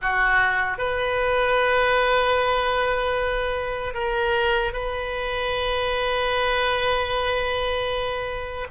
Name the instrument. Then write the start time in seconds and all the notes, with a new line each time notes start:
oboe
0.01 F#4
0.78 B4
3.94 A#4
4.72 B4